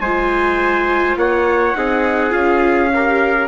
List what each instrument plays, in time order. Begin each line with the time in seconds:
0.00 bassoon G#3, viola F4, trumpet C5 G#5
1.16 bassoon A#3, trumpet C#5 F#5
1.75 bassoon C4, viola D#4, trumpet G#4
2.30 bassoon C#4, viola F4, trumpet F5
2.94 viola G4, trumpet A#4